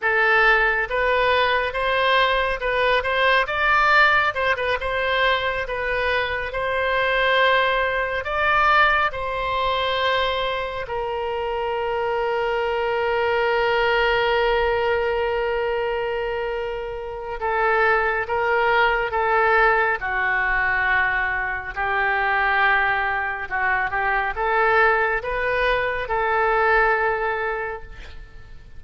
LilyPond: \new Staff \with { instrumentName = "oboe" } { \time 4/4 \tempo 4 = 69 a'4 b'4 c''4 b'8 c''8 | d''4 c''16 b'16 c''4 b'4 c''8~ | c''4. d''4 c''4.~ | c''8 ais'2.~ ais'8~ |
ais'1 | a'4 ais'4 a'4 fis'4~ | fis'4 g'2 fis'8 g'8 | a'4 b'4 a'2 | }